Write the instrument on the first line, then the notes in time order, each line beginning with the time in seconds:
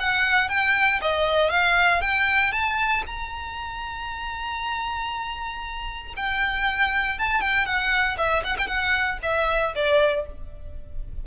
violin
0.00 F#5
0.49 G5
1.02 D#5
1.50 F5
2.02 G5
2.52 A5
3.07 A#5
6.17 G5
7.19 A5
7.41 G5
7.66 F#5
8.18 E5
8.45 F#5
8.59 G5
8.67 F#5
9.23 E5
9.75 D5